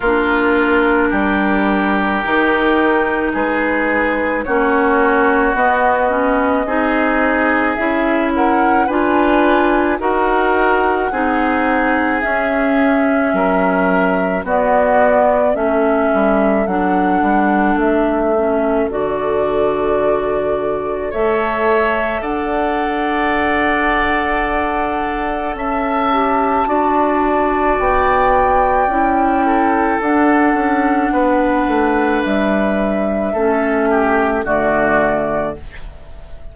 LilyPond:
<<
  \new Staff \with { instrumentName = "flute" } { \time 4/4 \tempo 4 = 54 ais'2. b'4 | cis''4 dis''2 e''8 fis''8 | gis''4 fis''2 e''4~ | e''4 d''4 e''4 fis''4 |
e''4 d''2 e''4 | fis''2. a''4~ | a''4 g''2 fis''4~ | fis''4 e''2 d''4 | }
  \new Staff \with { instrumentName = "oboe" } { \time 4/4 f'4 g'2 gis'4 | fis'2 gis'4. ais'8 | b'4 ais'4 gis'2 | ais'4 fis'4 a'2~ |
a'2. cis''4 | d''2. e''4 | d''2~ d''8 a'4. | b'2 a'8 g'8 fis'4 | }
  \new Staff \with { instrumentName = "clarinet" } { \time 4/4 d'2 dis'2 | cis'4 b8 cis'8 dis'4 e'4 | f'4 fis'4 dis'4 cis'4~ | cis'4 b4 cis'4 d'4~ |
d'8 cis'8 fis'2 a'4~ | a'2.~ a'8 g'8 | fis'2 e'4 d'4~ | d'2 cis'4 a4 | }
  \new Staff \with { instrumentName = "bassoon" } { \time 4/4 ais4 g4 dis4 gis4 | ais4 b4 c'4 cis'4 | d'4 dis'4 c'4 cis'4 | fis4 b4 a8 g8 fis8 g8 |
a4 d2 a4 | d'2. cis'4 | d'4 b4 cis'4 d'8 cis'8 | b8 a8 g4 a4 d4 | }
>>